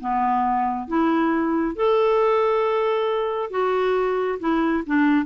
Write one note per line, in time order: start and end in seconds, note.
0.00 0.87 B3
0.87 1.75 E4
1.75 3.50 A4
3.50 4.38 F#4
4.39 4.83 E4
4.86 5.25 D4